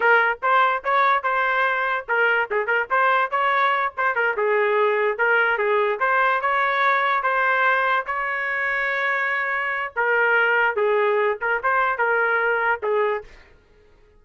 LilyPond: \new Staff \with { instrumentName = "trumpet" } { \time 4/4 \tempo 4 = 145 ais'4 c''4 cis''4 c''4~ | c''4 ais'4 gis'8 ais'8 c''4 | cis''4. c''8 ais'8 gis'4.~ | gis'8 ais'4 gis'4 c''4 cis''8~ |
cis''4. c''2 cis''8~ | cis''1 | ais'2 gis'4. ais'8 | c''4 ais'2 gis'4 | }